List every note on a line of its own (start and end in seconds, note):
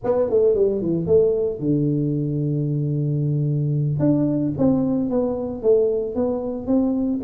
0.04 0.29 B3
0.29 0.54 A3
0.54 0.81 G3
0.81 1.06 E3
1.06 1.59 A3
1.59 3.99 D3
3.99 4.53 D4
4.58 5.09 C4
5.09 5.62 B3
5.62 6.15 A3
6.15 6.66 B3
6.66 7.20 C4